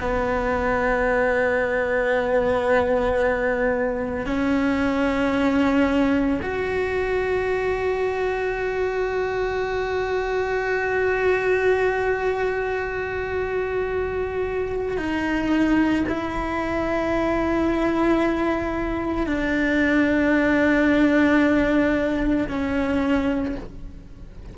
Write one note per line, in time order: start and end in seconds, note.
0.00 4.26 B3
4.26 6.40 C#4
6.42 14.97 F#4
14.97 16.04 D#4
16.09 19.26 E4
19.26 22.48 D4
22.48 23.55 C#4